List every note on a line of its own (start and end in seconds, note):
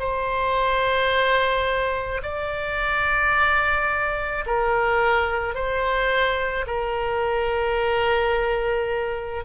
0.00 2.22 C5
2.23 4.45 D5
4.46 5.55 A#4
5.55 6.66 C5
6.67 9.45 A#4